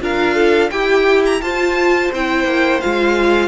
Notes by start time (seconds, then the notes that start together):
0.00 D4 F4 A#4 F5
0.35 A4
0.70 E4 G4 G5
1.26 A#5
1.41 F4 C5 A5
2.12 C4 E4 G5
2.44 A#3
2.80 G#3 F4 F5